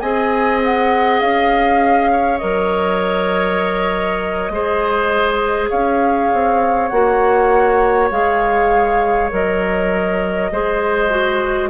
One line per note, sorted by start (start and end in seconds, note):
0.00 1.21 C4
0.00 2.41 G#4
0.00 2.12 D#5
0.00 0.60 G#5
0.65 1.21 F#5
1.21 2.41 C#4
1.21 2.38 F5
2.12 4.52 C#5
2.38 4.50 F#3
2.38 4.51 A#4
2.38 5.68 D#5
4.50 5.70 G#3
4.50 6.92 G#4
4.50 5.70 C5
5.70 6.32 C#4
5.70 10.50 C#5
5.70 6.88 F5
6.34 6.92 C4
6.88 8.12 A#3
6.88 8.12 F#4
6.88 8.09 F#5
8.11 9.31 G#3
8.11 9.31 G#4
8.11 9.31 F5
9.31 10.52 F#3
9.31 10.51 A#4
9.31 11.70 D#5
10.52 11.70 G#3
10.52 11.10 G#4
10.52 11.70 C5
11.10 11.70 F#4